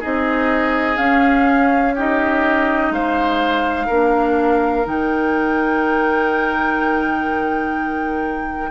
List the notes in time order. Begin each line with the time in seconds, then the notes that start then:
0.00 C4 D#4 G#4 D#5
0.97 C#4 F5
1.96 D#4 G4 D#5
2.91 G#3 C5 F5
3.87 A#3 D4 A#4
4.85 D#3 D#4 G5